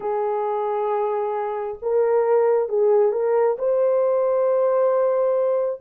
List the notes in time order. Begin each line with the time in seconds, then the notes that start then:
0.00 G#4
1.82 A#4
2.69 G#4
3.12 A#4
3.58 C5